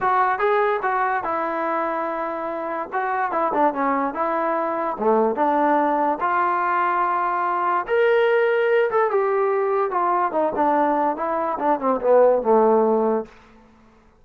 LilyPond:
\new Staff \with { instrumentName = "trombone" } { \time 4/4 \tempo 4 = 145 fis'4 gis'4 fis'4 e'4~ | e'2. fis'4 | e'8 d'8 cis'4 e'2 | a4 d'2 f'4~ |
f'2. ais'4~ | ais'4. a'8 g'2 | f'4 dis'8 d'4. e'4 | d'8 c'8 b4 a2 | }